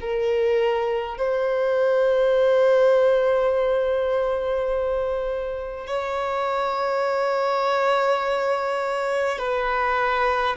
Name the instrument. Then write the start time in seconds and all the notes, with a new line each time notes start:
violin
0.00 A#4
1.18 C5
5.87 C#5
9.39 B4